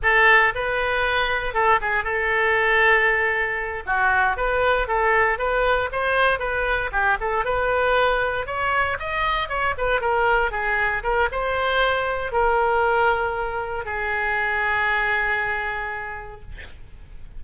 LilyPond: \new Staff \with { instrumentName = "oboe" } { \time 4/4 \tempo 4 = 117 a'4 b'2 a'8 gis'8 | a'2.~ a'8 fis'8~ | fis'8 b'4 a'4 b'4 c''8~ | c''8 b'4 g'8 a'8 b'4.~ |
b'8 cis''4 dis''4 cis''8 b'8 ais'8~ | ais'8 gis'4 ais'8 c''2 | ais'2. gis'4~ | gis'1 | }